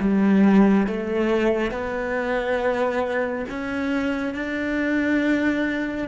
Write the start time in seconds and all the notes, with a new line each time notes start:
0.00 G3
0.87 A3
1.71 B3
3.49 C#4
4.34 D4